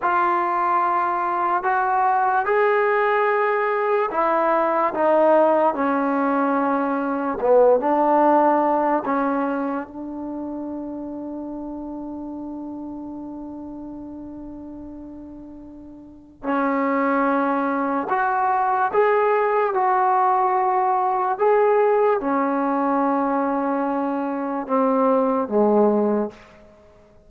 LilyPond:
\new Staff \with { instrumentName = "trombone" } { \time 4/4 \tempo 4 = 73 f'2 fis'4 gis'4~ | gis'4 e'4 dis'4 cis'4~ | cis'4 b8 d'4. cis'4 | d'1~ |
d'1 | cis'2 fis'4 gis'4 | fis'2 gis'4 cis'4~ | cis'2 c'4 gis4 | }